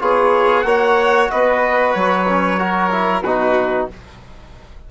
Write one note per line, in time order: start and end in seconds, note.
0.00 0.65 B3
0.00 0.65 F4
0.00 0.67 G#4
0.00 0.61 C#5
0.61 1.29 A#3
0.61 2.27 F#4
0.61 1.31 C#5
0.61 1.26 F#5
1.31 1.95 B3
1.31 2.60 B4
1.31 1.94 D#5
1.94 3.23 F#3
1.94 3.22 C#5
2.29 2.59 C#4
2.59 2.91 F#4
2.59 3.24 A#4
2.92 3.24 E4
3.22 3.88 B2
3.22 3.91 D#4
3.22 3.89 F#4
3.22 3.87 B4